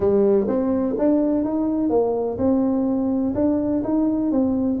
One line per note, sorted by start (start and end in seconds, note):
0.00 0.46 G3
0.47 0.95 C4
0.98 1.44 D4
1.44 1.89 D#4
1.89 2.37 A#3
2.38 3.34 C4
3.34 3.82 D4
3.84 4.31 D#4
4.31 4.79 C4